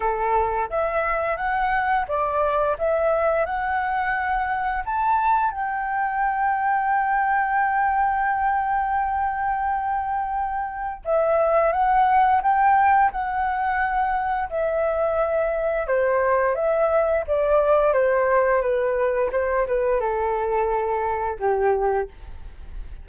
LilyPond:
\new Staff \with { instrumentName = "flute" } { \time 4/4 \tempo 4 = 87 a'4 e''4 fis''4 d''4 | e''4 fis''2 a''4 | g''1~ | g''1 |
e''4 fis''4 g''4 fis''4~ | fis''4 e''2 c''4 | e''4 d''4 c''4 b'4 | c''8 b'8 a'2 g'4 | }